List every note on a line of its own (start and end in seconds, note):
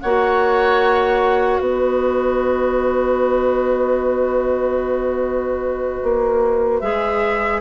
0.00 1.59 A#3
0.00 6.82 F#4
0.00 1.61 C#5
0.00 1.60 F#5
1.59 5.99 B3
1.59 7.61 B4
1.59 6.80 D#5
6.03 6.81 A#3
6.80 7.61 G#3
6.80 7.61 G#4
6.80 7.60 E5